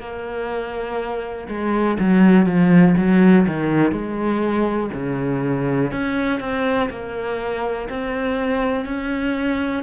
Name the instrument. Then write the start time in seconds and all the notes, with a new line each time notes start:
cello
0.00 A#3
1.48 G#3
1.99 F#3
2.46 F3
2.97 F#3
3.47 D#3
3.92 G#3
4.94 C#3
5.92 C#4
6.40 C4
6.90 A#3
7.89 C4
8.85 C#4